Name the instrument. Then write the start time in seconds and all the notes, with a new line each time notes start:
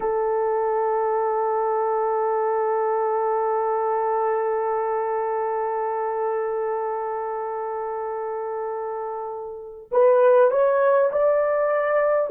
horn
0.00 A4
9.91 B4
10.50 C#5
11.12 D5